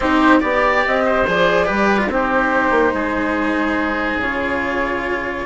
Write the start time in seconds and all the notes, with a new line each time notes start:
0.00 C4 D#4 G4 C5
0.40 B3 G4 D5
0.85 C4 D#5
1.05 C5
1.27 F3 G#4 D5
1.66 G3 G4 B4
1.97 F4
2.08 C4 D#4 G4 C5
2.70 A#3
2.94 G#3 G#4
4.16 C#3 F4 C#5